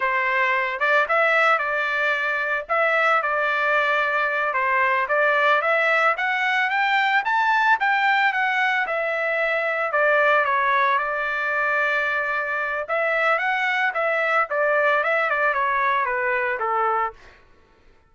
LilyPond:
\new Staff \with { instrumentName = "trumpet" } { \time 4/4 \tempo 4 = 112 c''4. d''8 e''4 d''4~ | d''4 e''4 d''2~ | d''8 c''4 d''4 e''4 fis''8~ | fis''8 g''4 a''4 g''4 fis''8~ |
fis''8 e''2 d''4 cis''8~ | cis''8 d''2.~ d''8 | e''4 fis''4 e''4 d''4 | e''8 d''8 cis''4 b'4 a'4 | }